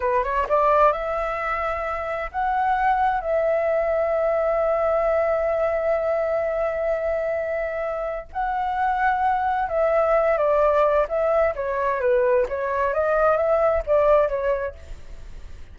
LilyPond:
\new Staff \with { instrumentName = "flute" } { \time 4/4 \tempo 4 = 130 b'8 cis''8 d''4 e''2~ | e''4 fis''2 e''4~ | e''1~ | e''1~ |
e''2 fis''2~ | fis''4 e''4. d''4. | e''4 cis''4 b'4 cis''4 | dis''4 e''4 d''4 cis''4 | }